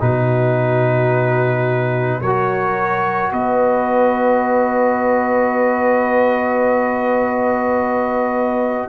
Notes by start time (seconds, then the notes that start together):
0.00 B2 D#4 F#4 B4
2.21 F#3 F#4 A#4 C#5
3.32 B3 B4 D#5